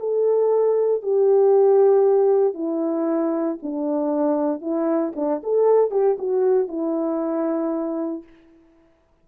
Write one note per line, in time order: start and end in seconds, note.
0.00 1.03 A4
1.03 2.54 G4
2.54 3.58 E4
3.63 4.62 D4
4.62 5.13 E4
5.16 5.42 D4
5.44 5.91 A4
5.91 6.17 G4
6.19 6.68 F#4
6.68 8.24 E4